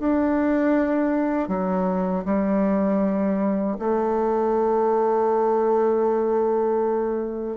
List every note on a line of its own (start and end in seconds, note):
0.00 1.49 D4
1.49 2.25 F#3
2.25 3.77 G3
3.79 7.57 A3